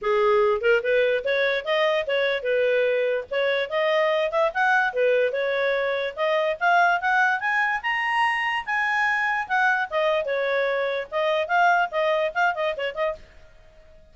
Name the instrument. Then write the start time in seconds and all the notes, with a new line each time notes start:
clarinet
0.01 G#4
0.61 A#4
0.82 B4
1.24 C#5
1.64 D#5
2.06 C#5
2.42 B4
3.31 C#5
3.69 D#5
4.31 E5
4.53 F#5
4.93 B4
5.32 C#5
6.16 D#5
6.60 F5
7.00 F#5
7.40 G#5
7.82 A#5
8.65 G#5
9.47 F#5
9.90 D#5
10.25 C#5
11.11 D#5
11.47 F5
11.91 D#5
12.34 F5
12.55 D#5
12.76 C#5
12.95 D#5